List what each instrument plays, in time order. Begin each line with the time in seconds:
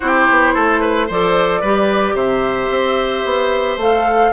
0.00 bassoon C4, clarinet E4, oboe G4, flute C5
0.29 bassoon B3
0.54 bassoon A3, oboe A4
0.80 oboe B4
1.06 bassoon F3, clarinet A4, oboe C5, flute D5
1.60 bassoon G3, clarinet G4, oboe B4
2.14 bassoon C3, oboe C5, flute E5
2.69 bassoon C4
3.25 bassoon B3
3.76 bassoon A3, clarinet A4, flute F5